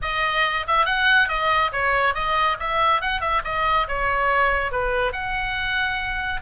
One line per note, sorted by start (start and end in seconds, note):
0.02 0.66 D#5
0.67 0.85 E5
0.85 1.28 F#5
1.28 1.71 D#5
1.72 2.14 C#5
2.14 2.57 D#5
2.59 3.01 E5
3.01 3.20 F#5
3.20 3.42 E5
3.44 3.87 D#5
3.88 4.71 C#5
4.71 5.12 B4
5.12 6.41 F#5